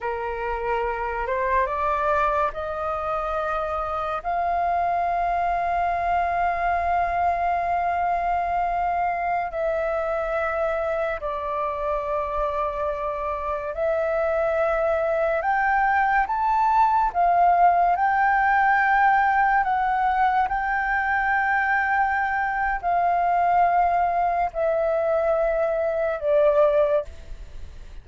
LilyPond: \new Staff \with { instrumentName = "flute" } { \time 4/4 \tempo 4 = 71 ais'4. c''8 d''4 dis''4~ | dis''4 f''2.~ | f''2.~ f''16 e''8.~ | e''4~ e''16 d''2~ d''8.~ |
d''16 e''2 g''4 a''8.~ | a''16 f''4 g''2 fis''8.~ | fis''16 g''2~ g''8. f''4~ | f''4 e''2 d''4 | }